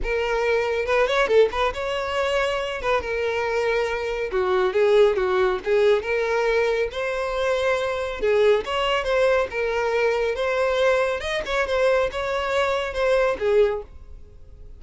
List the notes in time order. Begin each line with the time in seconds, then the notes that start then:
0.02 A#4
0.85 B4
1.07 C#5
1.27 A4
1.51 B4
1.73 C#5
2.81 B4
3.01 A#4
4.31 F#4
4.73 G#4
5.16 F#4
5.64 G#4
6.02 A#4
6.91 C5
8.21 G#4
8.65 C#5
9.04 C5
9.50 A#4
10.35 C5
11.20 D#5
11.45 C#5
11.66 C5
12.11 C#5
12.93 C5
13.39 G#4